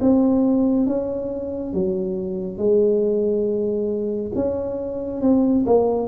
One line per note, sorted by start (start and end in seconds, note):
0.00 0.86 C4
0.86 1.73 C#4
1.73 2.58 F#3
2.58 4.32 G#3
4.34 5.21 C#4
5.21 5.64 C4
5.65 6.07 A#3